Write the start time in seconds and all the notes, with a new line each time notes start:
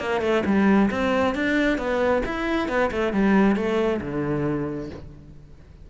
0.00 A#3
0.21 A3
0.46 G3
0.91 C4
1.35 D4
1.78 B3
2.26 E4
2.69 B3
2.92 A3
3.13 G3
3.56 A3
4.02 D3